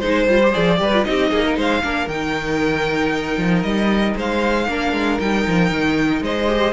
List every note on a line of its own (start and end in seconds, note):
0.00 0.28 G#3
0.00 0.29 D#4
0.00 0.52 C5
0.00 0.78 C5
0.28 0.54 G3
0.28 0.42 F4
0.43 0.53 G4
0.53 0.80 F3
0.53 0.78 G#4
0.53 1.05 D5
0.78 1.06 G3
0.78 0.91 G4
0.78 1.08 B4
0.94 1.05 F4
1.05 1.32 C4
1.05 1.82 D#4
1.05 1.31 G4
1.05 1.56 D#5
1.31 1.58 A#3
1.31 1.44 G#4
1.46 1.57 A#4
1.57 1.83 G#3
1.57 1.83 C5
1.57 2.09 F5
1.83 2.07 A#3
1.83 2.09 D4
1.83 4.17 A#4
2.07 3.37 D#3
2.07 4.69 D#4
2.07 3.63 G5
3.38 3.64 F3
3.63 4.16 G3
3.63 4.15 D#5
4.16 4.68 G#3
4.16 4.68 C5
4.16 5.20 F5
4.68 4.93 A#3
4.68 5.21 D4
4.68 6.24 A#4
4.93 5.19 G#3
5.20 5.47 G3
5.20 6.48 D#4
5.20 6.23 G5
5.48 5.71 F3
5.71 6.21 D#3
6.21 6.73 G#3
6.21 6.73 C5
6.21 6.73 D#5
6.48 6.73 G4